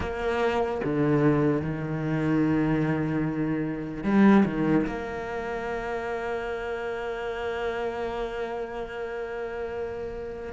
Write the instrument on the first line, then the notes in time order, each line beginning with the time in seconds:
cello
0.00 A#3
0.84 D3
1.61 D#3
4.03 G3
4.45 D#3
4.86 A#3